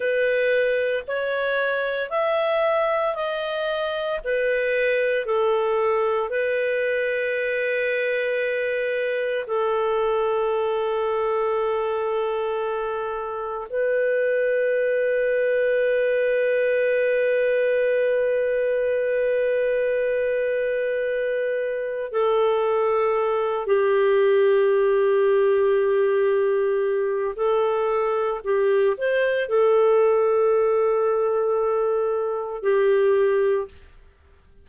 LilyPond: \new Staff \with { instrumentName = "clarinet" } { \time 4/4 \tempo 4 = 57 b'4 cis''4 e''4 dis''4 | b'4 a'4 b'2~ | b'4 a'2.~ | a'4 b'2.~ |
b'1~ | b'4 a'4. g'4.~ | g'2 a'4 g'8 c''8 | a'2. g'4 | }